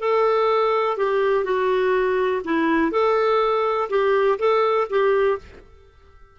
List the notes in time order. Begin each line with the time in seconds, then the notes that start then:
0.00 A4
0.97 G4
1.45 F#4
2.45 E4
2.92 A4
3.90 G4
4.39 A4
4.90 G4